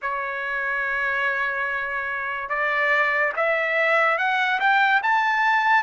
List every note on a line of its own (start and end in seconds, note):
0.02 2.49 C#5
2.49 3.32 D5
3.36 4.17 E5
4.17 4.59 F#5
4.60 5.02 G5
5.02 5.83 A5